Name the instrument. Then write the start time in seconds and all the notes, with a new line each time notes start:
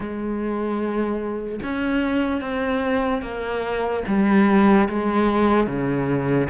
cello
0.00 G#3
1.63 C#4
2.41 C4
3.22 A#3
4.07 G3
4.88 G#3
5.66 C#3